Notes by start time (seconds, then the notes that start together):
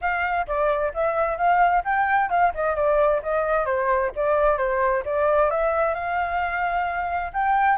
0.01 F5
0.47 D5
0.94 E5
1.37 F5
1.84 G5
2.30 F5
2.54 D#5
2.75 D5
3.22 D#5
3.65 C5
4.15 D5
4.57 C5
5.05 D5
5.50 E5
5.94 F5
7.33 G5